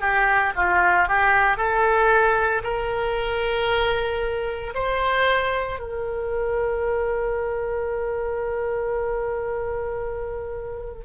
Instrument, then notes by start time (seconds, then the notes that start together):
oboe
0.00 G4
0.56 F4
1.08 G4
1.57 A4
2.63 A#4
4.75 C5
5.79 A#4